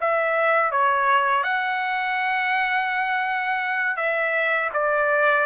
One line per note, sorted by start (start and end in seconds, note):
0.00 0.71 E5
0.71 1.43 C#5
1.43 3.96 F#5
3.96 4.70 E5
4.73 5.46 D5